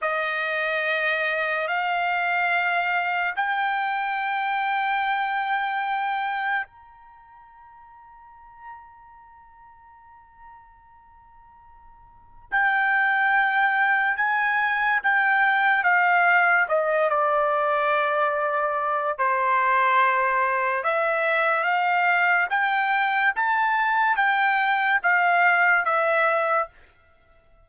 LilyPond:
\new Staff \with { instrumentName = "trumpet" } { \time 4/4 \tempo 4 = 72 dis''2 f''2 | g''1 | ais''1~ | ais''2. g''4~ |
g''4 gis''4 g''4 f''4 | dis''8 d''2~ d''8 c''4~ | c''4 e''4 f''4 g''4 | a''4 g''4 f''4 e''4 | }